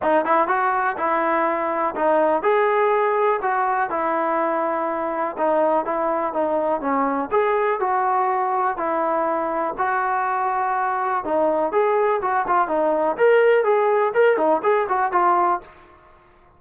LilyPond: \new Staff \with { instrumentName = "trombone" } { \time 4/4 \tempo 4 = 123 dis'8 e'8 fis'4 e'2 | dis'4 gis'2 fis'4 | e'2. dis'4 | e'4 dis'4 cis'4 gis'4 |
fis'2 e'2 | fis'2. dis'4 | gis'4 fis'8 f'8 dis'4 ais'4 | gis'4 ais'8 dis'8 gis'8 fis'8 f'4 | }